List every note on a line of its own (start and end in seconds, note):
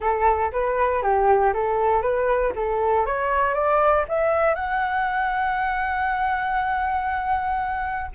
0.00 0.51 A4
0.52 1.02 B4
1.02 1.53 G4
1.53 2.02 A4
2.02 2.52 B4
2.55 3.06 A4
3.06 3.53 C#5
3.53 4.04 D5
4.08 4.54 E5
4.54 8.10 F#5